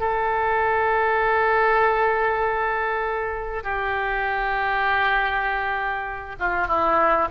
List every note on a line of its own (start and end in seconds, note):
0.00 3.64 A4
3.64 6.36 G4
6.40 6.68 F4
6.68 7.28 E4